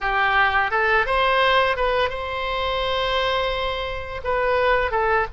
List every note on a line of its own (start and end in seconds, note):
0.00 0.71 G4
0.71 1.06 A4
1.06 1.76 C5
1.76 2.09 B4
2.09 4.21 C5
4.24 4.91 B4
4.91 5.26 A4